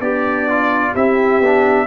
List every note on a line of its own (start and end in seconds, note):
0.00 0.94 B3
0.00 0.92 D4
0.00 0.49 G4
0.00 0.95 D5
0.49 0.96 F4
0.92 1.41 C4
0.92 1.43 E4
0.92 1.86 G4
0.92 1.87 E5
1.41 1.87 B3
1.41 1.87 D4